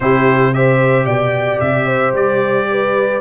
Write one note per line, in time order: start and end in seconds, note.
0.00 1.06 C3
0.00 0.54 E4
0.00 0.54 G4
0.00 0.53 C5
0.54 3.21 G4
0.54 1.05 C5
0.54 1.06 E5
1.05 1.59 B2
1.05 1.85 D5
1.05 1.59 G5
1.60 2.12 C3
1.60 2.13 E5
1.85 2.66 C5
2.12 3.19 G3
2.12 3.21 D5
2.70 3.21 B4